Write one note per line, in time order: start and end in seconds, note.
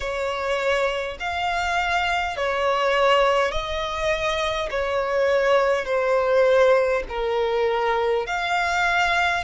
0.00 1.17 C#5
1.19 2.36 F5
2.36 3.51 C#5
3.51 4.69 D#5
4.70 5.85 C#5
5.85 7.03 C5
7.09 8.26 A#4
8.26 9.43 F5